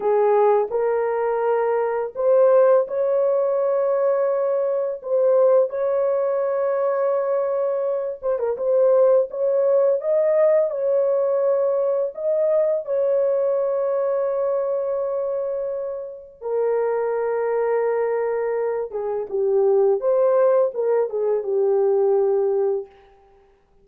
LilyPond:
\new Staff \with { instrumentName = "horn" } { \time 4/4 \tempo 4 = 84 gis'4 ais'2 c''4 | cis''2. c''4 | cis''2.~ cis''8 c''16 ais'16 | c''4 cis''4 dis''4 cis''4~ |
cis''4 dis''4 cis''2~ | cis''2. ais'4~ | ais'2~ ais'8 gis'8 g'4 | c''4 ais'8 gis'8 g'2 | }